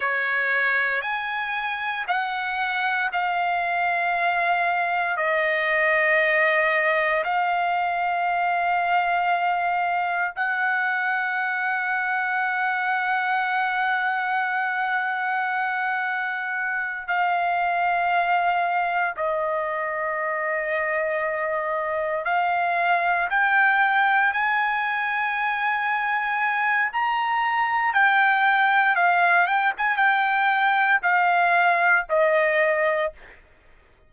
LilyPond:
\new Staff \with { instrumentName = "trumpet" } { \time 4/4 \tempo 4 = 58 cis''4 gis''4 fis''4 f''4~ | f''4 dis''2 f''4~ | f''2 fis''2~ | fis''1~ |
fis''8 f''2 dis''4.~ | dis''4. f''4 g''4 gis''8~ | gis''2 ais''4 g''4 | f''8 g''16 gis''16 g''4 f''4 dis''4 | }